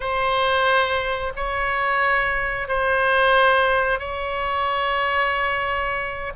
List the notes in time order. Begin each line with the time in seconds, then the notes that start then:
0.00 C5
1.35 C#5
2.68 C5
3.99 C#5